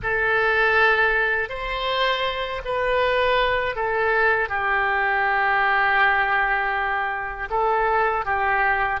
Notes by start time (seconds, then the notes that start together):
0.02 A4
1.49 C5
2.64 B4
3.75 A4
4.48 G4
7.50 A4
8.25 G4